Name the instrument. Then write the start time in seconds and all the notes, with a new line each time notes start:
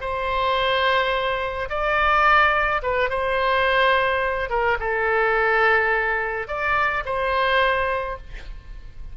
oboe
0.00 C5
1.69 D5
2.82 B4
3.09 C5
4.49 A#4
4.79 A4
6.47 D5
7.05 C5